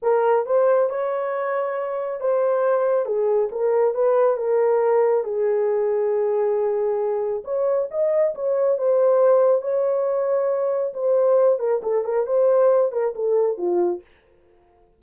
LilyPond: \new Staff \with { instrumentName = "horn" } { \time 4/4 \tempo 4 = 137 ais'4 c''4 cis''2~ | cis''4 c''2 gis'4 | ais'4 b'4 ais'2 | gis'1~ |
gis'4 cis''4 dis''4 cis''4 | c''2 cis''2~ | cis''4 c''4. ais'8 a'8 ais'8 | c''4. ais'8 a'4 f'4 | }